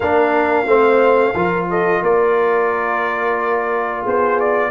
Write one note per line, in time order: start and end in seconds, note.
0.00 0.65 A#3
0.00 0.66 D4
0.00 0.66 A#4
0.00 1.65 F5
0.65 1.33 A3
0.65 1.34 C4
0.65 1.34 C5
1.34 2.01 F3
1.34 4.70 F4
1.34 1.68 A#4
1.69 2.03 A4
1.69 2.03 D#5
2.02 4.04 A#3
2.02 4.01 A#4
2.02 4.06 D5
4.01 4.70 B3
4.01 4.69 G#4
4.01 4.39 C5
4.39 4.70 D5